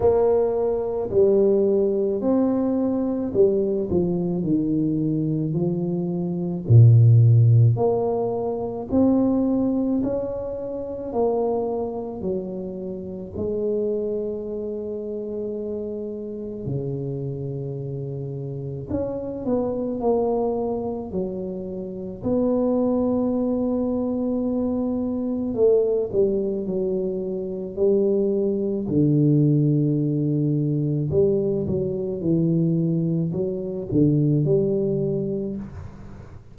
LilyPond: \new Staff \with { instrumentName = "tuba" } { \time 4/4 \tempo 4 = 54 ais4 g4 c'4 g8 f8 | dis4 f4 ais,4 ais4 | c'4 cis'4 ais4 fis4 | gis2. cis4~ |
cis4 cis'8 b8 ais4 fis4 | b2. a8 g8 | fis4 g4 d2 | g8 fis8 e4 fis8 d8 g4 | }